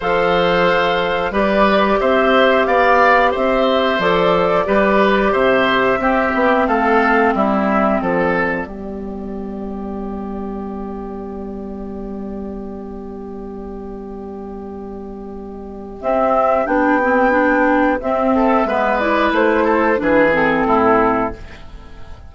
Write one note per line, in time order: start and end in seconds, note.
0.00 1.31 F3
0.00 1.32 A4
0.00 1.32 C5
0.00 1.34 F5
1.31 1.97 G3
1.31 3.99 G4
1.31 1.99 B4
1.31 2.00 D5
2.00 2.66 C4
2.00 2.67 C5
2.00 2.65 E5
2.65 3.33 B3
2.65 3.31 D5
2.65 3.32 F5
3.31 3.98 C4
3.31 4.64 C5
3.31 4.00 E5
3.98 4.65 F3
3.98 4.65 A4
3.98 5.33 D5
4.65 5.33 G3
4.65 5.99 G4
4.65 5.32 B4
5.32 5.98 C3
5.32 5.98 C5
5.32 6.67 E5
5.98 6.31 C4
5.98 8.66 C4
5.98 6.67 G4
6.34 6.67 B3
6.67 7.34 A3
6.67 7.33 A4
6.67 7.33 F5
7.34 8.01 G3
7.34 8.01 E4
7.34 8.00 E5
8.00 8.65 F3
8.00 8.67 A4
8.00 16.00 D5
8.65 15.98 G3
8.65 15.99 B3
8.65 18.34 G4
16.01 16.66 C4
16.01 16.66 E5
16.66 17.99 B3
16.66 16.99 D4
16.66 17.99 G5
17.02 17.30 C4
17.30 17.97 D4
18.00 18.65 C4
18.00 18.67 C4
18.00 18.98 E5
18.35 18.67 A4
18.65 19.31 G#3
18.65 19.01 B3
18.65 19.64 B4
18.98 19.96 E4
18.98 19.32 D5
19.32 19.98 A3
19.32 20.00 C5
19.64 19.97 A4
19.96 20.65 E3
19.96 20.29 D4
19.96 20.33 B4
20.02 20.67 G#4
20.32 21.32 C4
20.32 21.34 A4
20.65 21.32 A2
20.65 21.33 E4